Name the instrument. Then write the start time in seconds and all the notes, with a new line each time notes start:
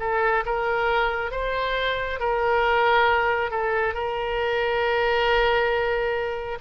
oboe
0.00 A4
0.46 A#4
1.32 C5
2.19 A#4
3.51 A4
3.94 A#4